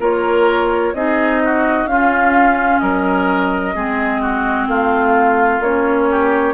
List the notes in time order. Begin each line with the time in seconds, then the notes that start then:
0.00 A#3 F4 A#4 C#5
0.94 C4 D#4 G#4 D#5
1.44 F#4
1.86 C#4 F4 F5
2.79 F#3 A#4 D#5
3.75 G#3 C4 G#4
4.22 F#4
4.68 A3 F4 F5
5.60 A#3 C#4 C#5
6.11 G4